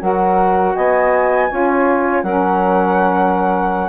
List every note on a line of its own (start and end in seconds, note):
0.00 0.75 F#3
0.00 1.48 F#4
0.00 0.75 A#4
0.00 0.75 F#5
0.75 1.51 B3
0.75 1.49 D#5
0.75 2.23 G#5
1.49 2.23 C#4
1.49 2.24 F4
1.49 2.23 C#5
2.23 3.89 F#3
2.23 3.89 C#4
2.23 3.89 A#4
2.23 3.89 F#5